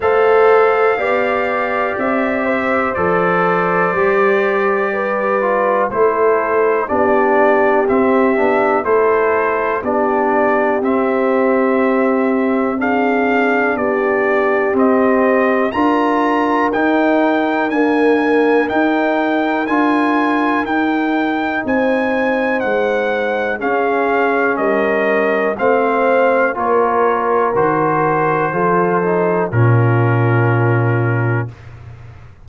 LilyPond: <<
  \new Staff \with { instrumentName = "trumpet" } { \time 4/4 \tempo 4 = 61 f''2 e''4 d''4~ | d''2 c''4 d''4 | e''4 c''4 d''4 e''4~ | e''4 f''4 d''4 dis''4 |
ais''4 g''4 gis''4 g''4 | gis''4 g''4 gis''4 fis''4 | f''4 dis''4 f''4 cis''4 | c''2 ais'2 | }
  \new Staff \with { instrumentName = "horn" } { \time 4/4 c''4 d''4. c''4.~ | c''4 b'4 a'4 g'4~ | g'4 a'4 g'2~ | g'4 gis'4 g'2 |
ais'1~ | ais'2 c''2 | gis'4 ais'4 c''4 ais'4~ | ais'4 a'4 f'2 | }
  \new Staff \with { instrumentName = "trombone" } { \time 4/4 a'4 g'2 a'4 | g'4. f'8 e'4 d'4 | c'8 d'8 e'4 d'4 c'4~ | c'4 d'2 c'4 |
f'4 dis'4 ais4 dis'4 | f'4 dis'2. | cis'2 c'4 f'4 | fis'4 f'8 dis'8 cis'2 | }
  \new Staff \with { instrumentName = "tuba" } { \time 4/4 a4 b4 c'4 f4 | g2 a4 b4 | c'8 b8 a4 b4 c'4~ | c'2 b4 c'4 |
d'4 dis'4 d'4 dis'4 | d'4 dis'4 c'4 gis4 | cis'4 g4 a4 ais4 | dis4 f4 ais,2 | }
>>